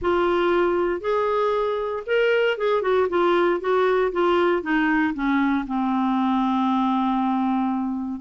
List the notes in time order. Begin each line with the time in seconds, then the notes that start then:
0.01 F4
1.00 G#4
2.06 A#4
2.57 G#4
2.81 F#4
3.09 F4
3.60 F#4
4.12 F4
4.62 D#4
5.14 C#4
5.67 C4